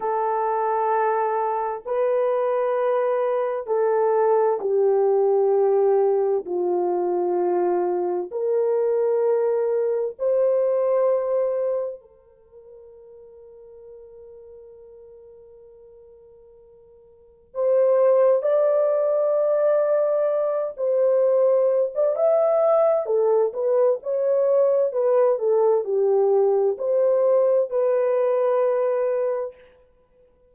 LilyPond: \new Staff \with { instrumentName = "horn" } { \time 4/4 \tempo 4 = 65 a'2 b'2 | a'4 g'2 f'4~ | f'4 ais'2 c''4~ | c''4 ais'2.~ |
ais'2. c''4 | d''2~ d''8 c''4~ c''16 d''16 | e''4 a'8 b'8 cis''4 b'8 a'8 | g'4 c''4 b'2 | }